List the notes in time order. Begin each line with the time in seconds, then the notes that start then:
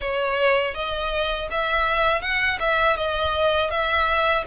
0.00 C#5
0.74 D#5
1.51 E5
2.21 F#5
2.59 E5
2.96 D#5
3.70 E5